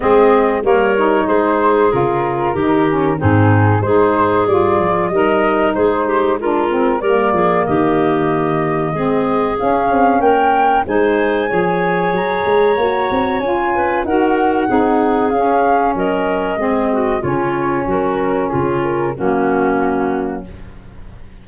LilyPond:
<<
  \new Staff \with { instrumentName = "flute" } { \time 4/4 \tempo 4 = 94 dis''4 cis''4 c''4 ais'4~ | ais'4 gis'4 c''4 d''4 | dis''4 c''4 ais'4 d''4 | dis''2. f''4 |
g''4 gis''2 ais''4~ | ais''4 gis''4 fis''2 | f''4 dis''2 cis''4 | ais'4 gis'8 ais'8 fis'2 | }
  \new Staff \with { instrumentName = "clarinet" } { \time 4/4 gis'4 ais'4 gis'2 | g'4 dis'4 gis'2 | ais'4 gis'8 g'8 f'4 ais'8 gis'8 | g'2 gis'2 |
ais'4 c''4 cis''2~ | cis''4. b'8 ais'4 gis'4~ | gis'4 ais'4 gis'8 fis'8 f'4 | fis'4 f'4 cis'2 | }
  \new Staff \with { instrumentName = "saxophone" } { \time 4/4 c'4 ais8 dis'4. f'4 | dis'8 cis'8 c'4 dis'4 f'4 | dis'2 d'8 c'8 ais4~ | ais2 c'4 cis'4~ |
cis'4 dis'4 gis'2 | fis'4 f'4 fis'4 dis'4 | cis'2 c'4 cis'4~ | cis'2 ais2 | }
  \new Staff \with { instrumentName = "tuba" } { \time 4/4 gis4 g4 gis4 cis4 | dis4 gis,4 gis4 g8 f8 | g4 gis2 g8 f8 | dis2 gis4 cis'8 c'8 |
ais4 gis4 f4 fis8 gis8 | ais8 c'8 cis'4 dis'4 c'4 | cis'4 fis4 gis4 cis4 | fis4 cis4 fis2 | }
>>